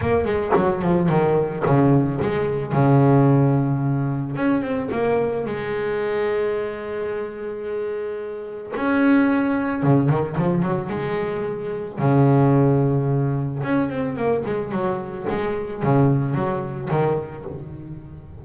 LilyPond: \new Staff \with { instrumentName = "double bass" } { \time 4/4 \tempo 4 = 110 ais8 gis8 fis8 f8 dis4 cis4 | gis4 cis2. | cis'8 c'8 ais4 gis2~ | gis1 |
cis'2 cis8 dis8 f8 fis8 | gis2 cis2~ | cis4 cis'8 c'8 ais8 gis8 fis4 | gis4 cis4 fis4 dis4 | }